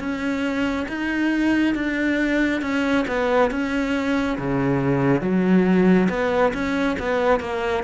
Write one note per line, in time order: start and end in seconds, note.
0.00 0.87 C#4
0.89 1.75 D#4
1.75 2.62 D4
2.62 3.06 C#4
3.08 3.51 B3
3.51 4.38 C#4
4.38 5.21 C#3
5.21 6.09 F#3
6.09 6.53 B3
6.54 6.97 C#4
7.00 7.40 B3
7.40 7.84 A#3